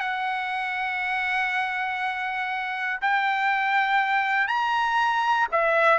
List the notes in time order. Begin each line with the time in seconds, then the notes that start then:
0.00 F#5
3.01 G5
4.48 A#5
5.52 E5